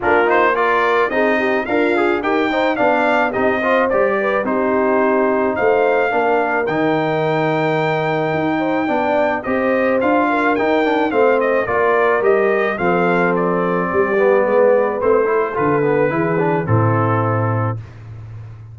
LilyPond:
<<
  \new Staff \with { instrumentName = "trumpet" } { \time 4/4 \tempo 4 = 108 ais'8 c''8 d''4 dis''4 f''4 | g''4 f''4 dis''4 d''4 | c''2 f''2 | g''1~ |
g''4 dis''4 f''4 g''4 | f''8 dis''8 d''4 dis''4 f''4 | d''2. c''4 | b'2 a'2 | }
  \new Staff \with { instrumentName = "horn" } { \time 4/4 f'4 ais'4 gis'8 g'8 f'4 | ais'8 c''8 d''4 g'8 c''4 b'8 | g'2 c''4 ais'4~ | ais'2.~ ais'8 c''8 |
d''4 c''4. ais'4. | c''4 ais'2 a'4~ | a'4 g'4 b'4. a'8~ | a'4 gis'4 e'2 | }
  \new Staff \with { instrumentName = "trombone" } { \time 4/4 d'8 dis'8 f'4 dis'4 ais'8 gis'8 | g'8 dis'8 d'4 dis'8 f'8 g'4 | dis'2. d'4 | dis'1 |
d'4 g'4 f'4 dis'8 d'8 | c'4 f'4 g'4 c'4~ | c'4. b4. c'8 e'8 | f'8 b8 e'8 d'8 c'2 | }
  \new Staff \with { instrumentName = "tuba" } { \time 4/4 ais2 c'4 d'4 | dis'4 b4 c'4 g4 | c'2 a4 ais4 | dis2. dis'4 |
b4 c'4 d'4 dis'4 | a4 ais4 g4 f4~ | f4 g4 gis4 a4 | d4 e4 a,2 | }
>>